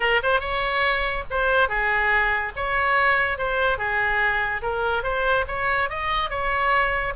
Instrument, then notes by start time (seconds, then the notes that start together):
oboe
0.00 A#4
0.22 C5
0.40 C#5
1.30 C5
1.68 G#4
2.56 C#5
3.38 C5
3.77 G#4
4.62 A#4
5.03 C5
5.47 C#5
5.89 D#5
6.29 C#5